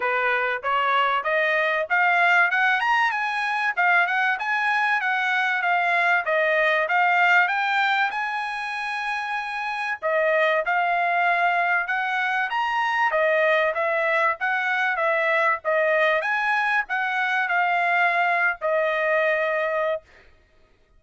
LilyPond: \new Staff \with { instrumentName = "trumpet" } { \time 4/4 \tempo 4 = 96 b'4 cis''4 dis''4 f''4 | fis''8 ais''8 gis''4 f''8 fis''8 gis''4 | fis''4 f''4 dis''4 f''4 | g''4 gis''2. |
dis''4 f''2 fis''4 | ais''4 dis''4 e''4 fis''4 | e''4 dis''4 gis''4 fis''4 | f''4.~ f''16 dis''2~ dis''16 | }